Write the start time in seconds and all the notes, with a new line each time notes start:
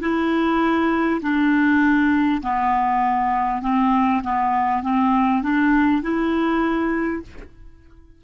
0.00 E4
1.21 D4
2.42 B3
3.61 C4
4.23 B3
4.82 C4
5.42 D4
6.02 E4